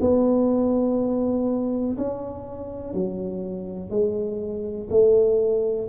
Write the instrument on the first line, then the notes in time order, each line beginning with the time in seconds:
tuba
0.00 B3
1.98 C#4
2.93 F#3
3.90 G#3
4.90 A3